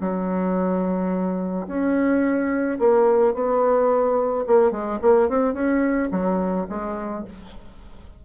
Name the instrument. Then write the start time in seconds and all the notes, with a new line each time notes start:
bassoon
0.00 F#3
1.67 C#4
2.79 A#3
3.34 B3
4.46 A#3
4.71 G#3
5.02 A#3
5.29 C4
5.54 C#4
6.11 F#3
6.69 G#3